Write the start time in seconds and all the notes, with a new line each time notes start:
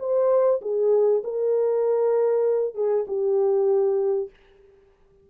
0.00 C5
0.62 G#4
1.24 A#4
2.75 G#4
3.08 G4